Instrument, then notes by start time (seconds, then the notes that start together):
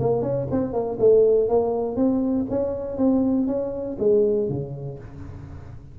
tuba
0.00 A#3
0.22 C#4
0.52 C4
0.73 A#3
1.00 A3
1.49 A#3
1.96 C4
2.50 C#4
2.98 C4
3.47 C#4
4.00 G#3
4.50 C#3